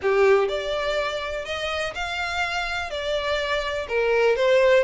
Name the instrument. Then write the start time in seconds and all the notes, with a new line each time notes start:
violin
0.02 G4
0.48 D5
1.45 D#5
1.95 F5
2.90 D5
3.88 A#4
4.36 C5